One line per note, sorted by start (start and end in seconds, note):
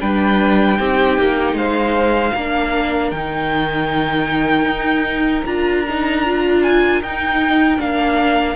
0.00 0.79 G3
0.00 0.77 D4
0.00 0.78 B4
0.00 1.56 G5
0.77 1.18 C4
0.77 2.33 D#4
0.77 1.56 G4
1.18 1.53 A#3
1.53 2.31 G#3
1.53 2.34 C5
1.53 3.11 F5
2.34 3.11 A#3
2.34 3.15 D4
2.34 8.56 A#4
3.11 4.65 D#3
3.11 5.46 D#4
3.11 5.45 G5
4.65 5.43 D#4
5.46 7.01 D4
5.46 5.85 F4
5.46 6.62 A#5
5.88 6.25 D#4
6.25 7.03 F4
6.62 7.01 G#5
7.01 7.79 D#4
7.01 7.77 D#4
7.01 7.80 G5
7.77 8.56 A#3
7.77 8.55 D4
7.77 8.56 F5